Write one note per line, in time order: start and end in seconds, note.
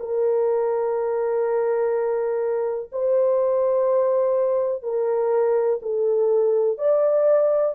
0.00 2.90 A#4
2.93 4.83 C5
4.83 5.80 A#4
5.82 6.78 A4
6.78 7.75 D5